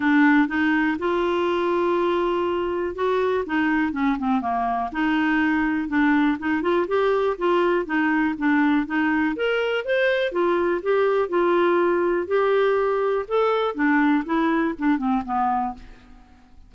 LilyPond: \new Staff \with { instrumentName = "clarinet" } { \time 4/4 \tempo 4 = 122 d'4 dis'4 f'2~ | f'2 fis'4 dis'4 | cis'8 c'8 ais4 dis'2 | d'4 dis'8 f'8 g'4 f'4 |
dis'4 d'4 dis'4 ais'4 | c''4 f'4 g'4 f'4~ | f'4 g'2 a'4 | d'4 e'4 d'8 c'8 b4 | }